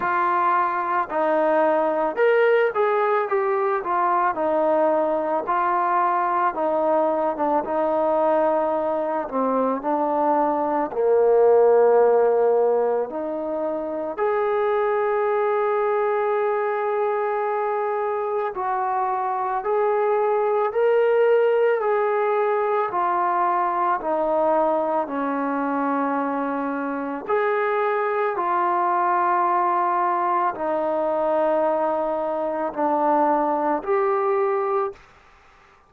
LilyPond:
\new Staff \with { instrumentName = "trombone" } { \time 4/4 \tempo 4 = 55 f'4 dis'4 ais'8 gis'8 g'8 f'8 | dis'4 f'4 dis'8. d'16 dis'4~ | dis'8 c'8 d'4 ais2 | dis'4 gis'2.~ |
gis'4 fis'4 gis'4 ais'4 | gis'4 f'4 dis'4 cis'4~ | cis'4 gis'4 f'2 | dis'2 d'4 g'4 | }